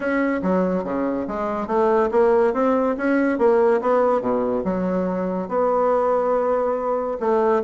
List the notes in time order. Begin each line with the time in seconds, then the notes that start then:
0.00 C#4
0.42 F#3
0.83 C#3
1.27 G#3
1.67 A3
2.11 A#3
2.53 C4
2.97 C#4
3.38 A#3
3.81 B3
4.21 B2
4.64 F#3
5.48 B3
7.20 A3